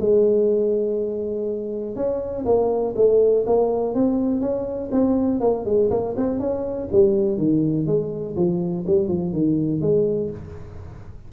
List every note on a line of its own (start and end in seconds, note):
0.00 1.96 G#3
1.96 2.45 C#4
2.45 2.94 A#3
2.96 3.45 A3
3.46 3.94 A#3
3.94 4.41 C4
4.41 4.90 C#4
4.92 5.40 C4
5.40 5.65 A#3
5.65 5.90 G#3
5.91 6.15 A#3
6.17 6.39 C4
6.39 6.89 C#4
6.92 7.37 G3
7.37 7.86 D#3
7.86 8.36 G#3
8.36 8.85 F3
8.87 9.08 G3
9.08 9.32 F3
9.32 9.81 D#3
9.81 10.30 G#3